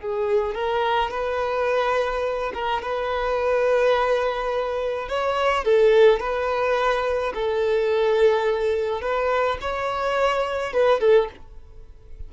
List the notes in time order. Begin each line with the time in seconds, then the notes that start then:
0.00 G#4
0.55 A#4
1.10 B4
2.54 A#4
2.82 B4
5.08 C#5
5.64 A4
6.20 B4
7.34 A4
9.01 B4
9.61 C#5
10.73 B4
11.00 A4